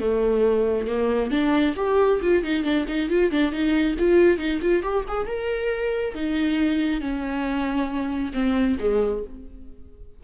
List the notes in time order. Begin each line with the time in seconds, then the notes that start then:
0.00 A3
0.88 A#3
1.31 D4
1.77 G4
2.22 F4
2.43 D#4
2.64 D4
2.88 D#4
3.10 F4
3.31 D4
3.52 D#4
3.99 F4
4.38 D#4
4.62 F4
4.83 G4
5.08 G#4
5.27 A#4
6.15 D#4
7.01 C#4
8.33 C4
8.80 G#3